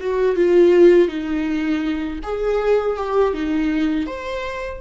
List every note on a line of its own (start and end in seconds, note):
0.00 0.36 F#4
0.36 1.08 F4
1.08 2.20 D#4
2.24 2.97 G#4
2.97 3.34 G4
3.34 4.07 D#4
4.07 4.81 C5